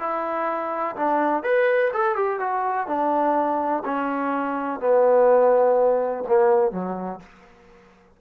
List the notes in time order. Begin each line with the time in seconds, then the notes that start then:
0.00 E4
0.97 D4
1.44 B4
1.94 A4
2.16 G4
2.40 F#4
2.88 D4
3.85 C#4
4.80 B3
6.28 A#3
6.72 F#3